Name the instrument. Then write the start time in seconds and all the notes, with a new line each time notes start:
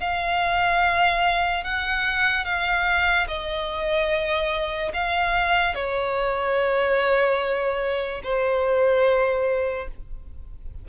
violin
0.00 F5
1.64 F#5
2.45 F5
3.28 D#5
4.94 F5
5.75 C#5
8.24 C5